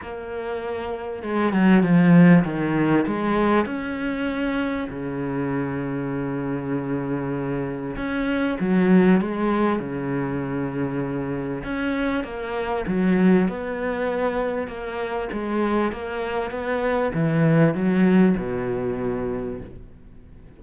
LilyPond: \new Staff \with { instrumentName = "cello" } { \time 4/4 \tempo 4 = 98 ais2 gis8 fis8 f4 | dis4 gis4 cis'2 | cis1~ | cis4 cis'4 fis4 gis4 |
cis2. cis'4 | ais4 fis4 b2 | ais4 gis4 ais4 b4 | e4 fis4 b,2 | }